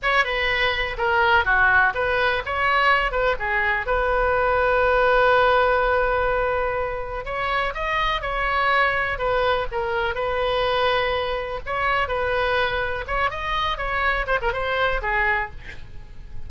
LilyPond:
\new Staff \with { instrumentName = "oboe" } { \time 4/4 \tempo 4 = 124 cis''8 b'4. ais'4 fis'4 | b'4 cis''4. b'8 gis'4 | b'1~ | b'2. cis''4 |
dis''4 cis''2 b'4 | ais'4 b'2. | cis''4 b'2 cis''8 dis''8~ | dis''8 cis''4 c''16 ais'16 c''4 gis'4 | }